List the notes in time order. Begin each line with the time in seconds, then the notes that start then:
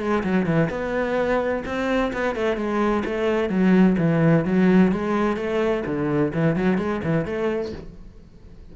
0.00 G#3
0.23 F#3
0.46 E3
0.70 B3
1.66 C4
2.13 B3
2.35 A3
2.57 G#3
3.05 A3
3.50 F#3
3.99 E3
4.45 F#3
4.92 G#3
5.37 A3
5.86 D3
6.34 E3
6.56 F#3
6.78 G#3
7.04 E3
7.26 A3